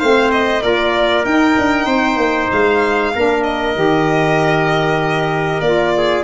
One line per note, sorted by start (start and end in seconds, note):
0.00 0.64 A3
0.00 0.61 C4
0.00 0.62 C5
0.00 0.31 F5
0.32 0.63 D#5
0.61 1.26 A#3
0.61 1.24 F4
0.61 1.86 A#4
0.61 1.25 D5
1.26 1.57 D#4
1.26 3.14 D#4
1.26 2.51 G5
1.59 1.86 D4
1.86 2.17 C4
1.86 3.11 C5
2.17 2.48 A#3
2.52 3.15 G#3
2.52 3.43 F5
3.15 3.76 A#3
3.15 3.75 D4
3.15 5.96 A#4
3.43 5.61 D#5
3.75 5.61 D#3
3.75 5.63 G4
5.61 6.24 A#3
5.61 6.24 F4
5.61 6.24 D5
5.98 6.24 G#4